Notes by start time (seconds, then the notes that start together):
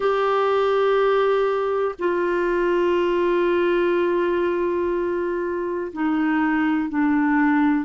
0.00 G4
1.99 F4
5.92 D#4
6.89 D4